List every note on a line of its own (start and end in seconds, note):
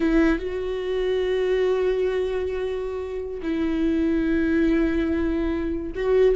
0.00 0.38 E4
0.38 3.41 F#4
3.42 5.92 E4
5.95 6.35 F#4